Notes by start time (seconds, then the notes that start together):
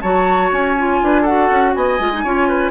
0.00 F#3 F#4 C#5 A5
0.51 C#4 G#5
0.77 F4
1.02 D4 B4
1.21 F#4 A4 F#5
1.49 C#4
1.74 B3 D#5 G#5
1.99 G#3 F4
2.12 D#4
2.23 C#4 F4 C#5
2.48 B4